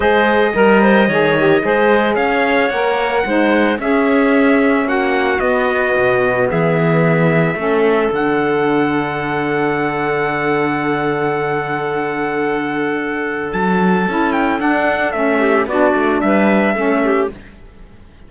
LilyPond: <<
  \new Staff \with { instrumentName = "trumpet" } { \time 4/4 \tempo 4 = 111 dis''1 | f''4 fis''2 e''4~ | e''4 fis''4 dis''2 | e''2. fis''4~ |
fis''1~ | fis''1~ | fis''4 a''4. g''8 fis''4 | e''4 d''4 e''2 | }
  \new Staff \with { instrumentName = "clarinet" } { \time 4/4 c''4 ais'8 c''8 cis''4 c''4 | cis''2 c''4 gis'4~ | gis'4 fis'2. | gis'2 a'2~ |
a'1~ | a'1~ | a'1~ | a'8 g'8 fis'4 b'4 a'8 g'8 | }
  \new Staff \with { instrumentName = "saxophone" } { \time 4/4 gis'4 ais'4 gis'8 g'8 gis'4~ | gis'4 ais'4 dis'4 cis'4~ | cis'2 b2~ | b2 cis'4 d'4~ |
d'1~ | d'1~ | d'2 e'4 d'4 | cis'4 d'2 cis'4 | }
  \new Staff \with { instrumentName = "cello" } { \time 4/4 gis4 g4 dis4 gis4 | cis'4 ais4 gis4 cis'4~ | cis'4 ais4 b4 b,4 | e2 a4 d4~ |
d1~ | d1~ | d4 fis4 cis'4 d'4 | a4 b8 a8 g4 a4 | }
>>